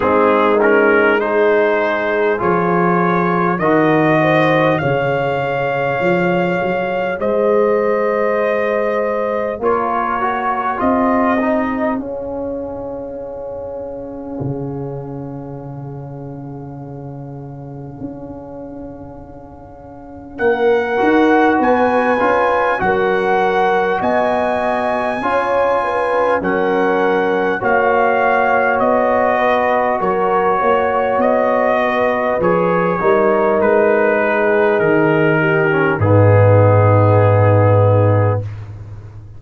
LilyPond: <<
  \new Staff \with { instrumentName = "trumpet" } { \time 4/4 \tempo 4 = 50 gis'8 ais'8 c''4 cis''4 dis''4 | f''2 dis''2 | cis''4 dis''4 f''2~ | f''1~ |
f''4 fis''4 gis''4 fis''4 | gis''2 fis''4 f''4 | dis''4 cis''4 dis''4 cis''4 | b'4 ais'4 gis'2 | }
  \new Staff \with { instrumentName = "horn" } { \time 4/4 dis'4 gis'2 ais'8 c''8 | cis''2 c''2 | ais'4 gis'2.~ | gis'1~ |
gis'4 ais'4 b'4 ais'4 | dis''4 cis''8 b'8 ais'4 cis''4~ | cis''8 b'8 ais'8 cis''4 b'4 ais'8~ | ais'8 gis'4 g'8 dis'2 | }
  \new Staff \with { instrumentName = "trombone" } { \time 4/4 c'8 cis'8 dis'4 f'4 fis'4 | gis'1 | f'8 fis'8 f'8 dis'8 cis'2~ | cis'1~ |
cis'4. fis'4 f'8 fis'4~ | fis'4 f'4 cis'4 fis'4~ | fis'2. gis'8 dis'8~ | dis'4.~ dis'16 cis'16 b2 | }
  \new Staff \with { instrumentName = "tuba" } { \time 4/4 gis2 f4 dis4 | cis4 f8 fis8 gis2 | ais4 c'4 cis'2 | cis2. cis'4~ |
cis'4 ais8 dis'8 b8 cis'8 fis4 | b4 cis'4 fis4 ais4 | b4 fis8 ais8 b4 f8 g8 | gis4 dis4 gis,2 | }
>>